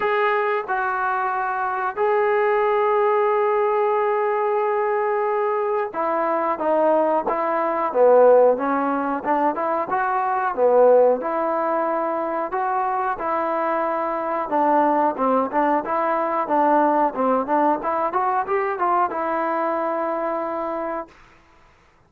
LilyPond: \new Staff \with { instrumentName = "trombone" } { \time 4/4 \tempo 4 = 91 gis'4 fis'2 gis'4~ | gis'1~ | gis'4 e'4 dis'4 e'4 | b4 cis'4 d'8 e'8 fis'4 |
b4 e'2 fis'4 | e'2 d'4 c'8 d'8 | e'4 d'4 c'8 d'8 e'8 fis'8 | g'8 f'8 e'2. | }